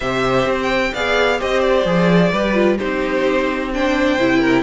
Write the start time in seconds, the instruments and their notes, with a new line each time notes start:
0.00 cello C3, viola G4, violin C5 E5
0.45 cello C4
0.62 violin G5
0.93 cello B3, viola G#4, violin D5 F5
1.39 cello C4, viola G4, violin C5 D#5
1.60 violin D5
1.85 cello F3, viola G#4
2.31 cello G3, viola G4, violin B4
2.53 viola F4
2.78 cello C4, viola D#4, violin G4 C5
3.73 viola D4, violin C5 G5
4.18 cello C3, viola E4
4.39 violin A#4